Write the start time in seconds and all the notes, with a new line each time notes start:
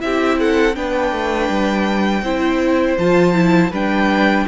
0.00 C4 E4 G4 E5
0.40 A4 F#5
0.75 B3 D4 B4 G5
1.12 A3
1.49 G3
2.22 C4 E4 C5
2.98 F3 F4 A5
3.34 E4
3.71 G3 D4 B4 G5